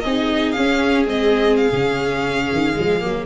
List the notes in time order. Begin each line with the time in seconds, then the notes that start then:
0.00 C4 D#4 G#4 D#5
0.52 C#4 F5
1.06 G#3 C4 D#5
1.56 F5
1.72 C#3 C#4
2.52 D#3
2.73 F3 G#3
3.00 F#3 A#3